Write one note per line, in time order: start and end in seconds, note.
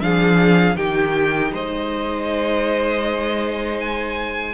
0.00 0.75 F3
0.00 0.76 D4
0.00 0.77 G#4
0.00 0.76 F5
0.75 1.51 D#3
0.75 4.54 D#4
0.75 1.52 G4
0.75 1.52 G5
1.52 4.54 G#3
1.52 4.54 C5
1.52 3.80 D#5
3.80 4.54 G#5